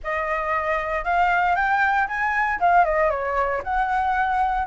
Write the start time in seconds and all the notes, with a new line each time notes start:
0.03 D#5
1.04 F5
1.55 G5
2.07 G#5
2.60 F5
2.84 D#5
3.10 C#5
3.63 F#5